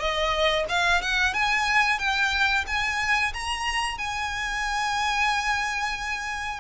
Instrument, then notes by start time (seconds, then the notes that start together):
violin
0.00 D#5
0.70 F5
1.02 F#5
1.34 G#5
2.00 G5
2.67 G#5
3.34 A#5
3.99 G#5